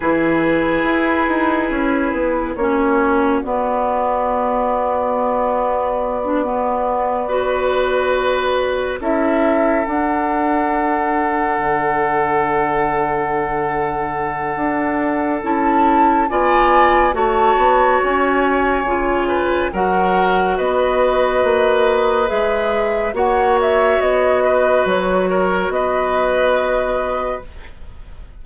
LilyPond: <<
  \new Staff \with { instrumentName = "flute" } { \time 4/4 \tempo 4 = 70 b'2. cis''4 | d''1~ | d''2~ d''8 e''4 fis''8~ | fis''1~ |
fis''2 a''4 gis''4 | a''4 gis''2 fis''4 | dis''2 e''4 fis''8 e''8 | dis''4 cis''4 dis''2 | }
  \new Staff \with { instrumentName = "oboe" } { \time 4/4 gis'2. fis'4~ | fis'1~ | fis'8 b'2 a'4.~ | a'1~ |
a'2. d''4 | cis''2~ cis''8 b'8 ais'4 | b'2. cis''4~ | cis''8 b'4 ais'8 b'2 | }
  \new Staff \with { instrumentName = "clarinet" } { \time 4/4 e'2. cis'4 | b2.~ b16 d'16 b8~ | b8 fis'2 e'4 d'8~ | d'1~ |
d'2 e'4 f'4 | fis'2 f'4 fis'4~ | fis'2 gis'4 fis'4~ | fis'1 | }
  \new Staff \with { instrumentName = "bassoon" } { \time 4/4 e4 e'8 dis'8 cis'8 b8 ais4 | b1~ | b2~ b8 cis'4 d'8~ | d'4. d2~ d8~ |
d4 d'4 cis'4 b4 | a8 b8 cis'4 cis4 fis4 | b4 ais4 gis4 ais4 | b4 fis4 b2 | }
>>